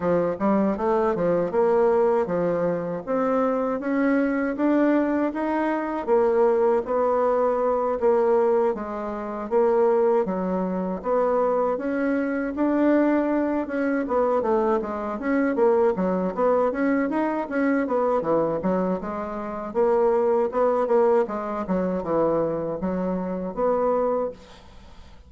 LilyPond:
\new Staff \with { instrumentName = "bassoon" } { \time 4/4 \tempo 4 = 79 f8 g8 a8 f8 ais4 f4 | c'4 cis'4 d'4 dis'4 | ais4 b4. ais4 gis8~ | gis8 ais4 fis4 b4 cis'8~ |
cis'8 d'4. cis'8 b8 a8 gis8 | cis'8 ais8 fis8 b8 cis'8 dis'8 cis'8 b8 | e8 fis8 gis4 ais4 b8 ais8 | gis8 fis8 e4 fis4 b4 | }